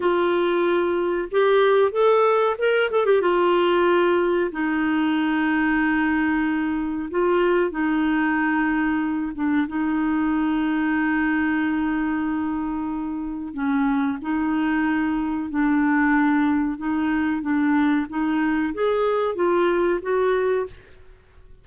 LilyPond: \new Staff \with { instrumentName = "clarinet" } { \time 4/4 \tempo 4 = 93 f'2 g'4 a'4 | ais'8 a'16 g'16 f'2 dis'4~ | dis'2. f'4 | dis'2~ dis'8 d'8 dis'4~ |
dis'1~ | dis'4 cis'4 dis'2 | d'2 dis'4 d'4 | dis'4 gis'4 f'4 fis'4 | }